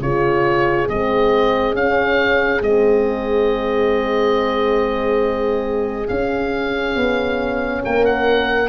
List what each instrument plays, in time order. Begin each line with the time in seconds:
0.00 tuba C#3, horn F4 G#4, oboe C#5
0.88 tuba G#3, horn C4, oboe D#5
1.74 tuba C#4, horn C#4, oboe F5
2.61 tuba G#3, horn C4, oboe D#5
6.08 tuba C#4, horn C#4, oboe F5
6.96 tuba B3
7.82 tuba A#3, horn A#4, oboe G5
8.05 oboe F#5